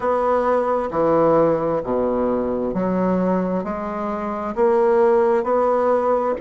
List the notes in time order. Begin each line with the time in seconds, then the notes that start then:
0.00 B3
0.90 E3
1.83 B2
2.74 F#3
3.64 G#3
4.55 A#3
5.43 B3